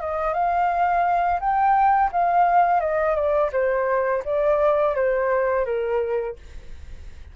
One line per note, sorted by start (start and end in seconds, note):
0.00 0.33 D#5
0.33 1.39 F5
1.40 2.10 G5
2.12 2.80 F5
2.80 3.15 D#5
3.15 3.50 D5
3.52 4.23 C5
4.24 4.95 D5
4.95 5.65 C5
5.65 6.36 A#4